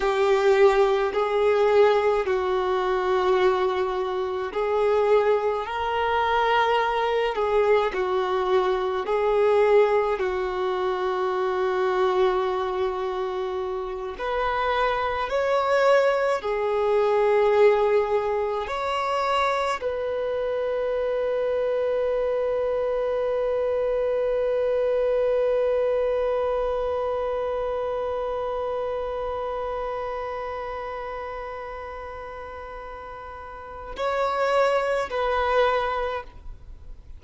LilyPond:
\new Staff \with { instrumentName = "violin" } { \time 4/4 \tempo 4 = 53 g'4 gis'4 fis'2 | gis'4 ais'4. gis'8 fis'4 | gis'4 fis'2.~ | fis'8 b'4 cis''4 gis'4.~ |
gis'8 cis''4 b'2~ b'8~ | b'1~ | b'1~ | b'2 cis''4 b'4 | }